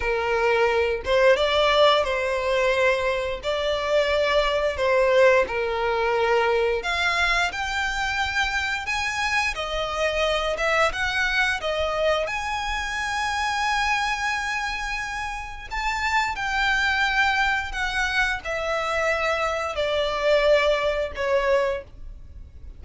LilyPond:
\new Staff \with { instrumentName = "violin" } { \time 4/4 \tempo 4 = 88 ais'4. c''8 d''4 c''4~ | c''4 d''2 c''4 | ais'2 f''4 g''4~ | g''4 gis''4 dis''4. e''8 |
fis''4 dis''4 gis''2~ | gis''2. a''4 | g''2 fis''4 e''4~ | e''4 d''2 cis''4 | }